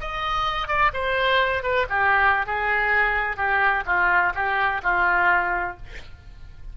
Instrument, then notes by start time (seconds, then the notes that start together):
oboe
0.00 D#5
0.68 D5
0.93 C5
1.63 B4
1.89 G4
2.46 G#4
3.37 G4
3.86 F4
4.34 G4
4.83 F4